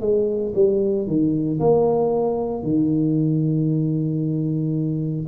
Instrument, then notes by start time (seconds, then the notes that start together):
tuba
0.00 G#3
0.54 G3
1.06 D#3
1.59 A#3
2.62 D#3